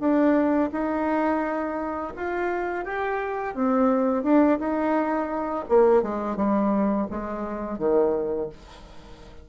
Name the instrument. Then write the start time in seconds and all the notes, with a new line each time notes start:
bassoon
0.00 D4
0.72 D#4
2.17 F4
2.85 G4
3.55 C4
4.24 D4
4.59 D#4
5.69 A#3
6.03 G#3
6.37 G3
7.11 G#3
7.79 D#3